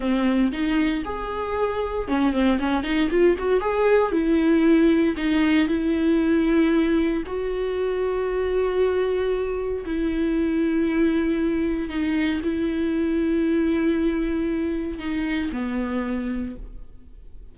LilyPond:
\new Staff \with { instrumentName = "viola" } { \time 4/4 \tempo 4 = 116 c'4 dis'4 gis'2 | cis'8 c'8 cis'8 dis'8 f'8 fis'8 gis'4 | e'2 dis'4 e'4~ | e'2 fis'2~ |
fis'2. e'4~ | e'2. dis'4 | e'1~ | e'4 dis'4 b2 | }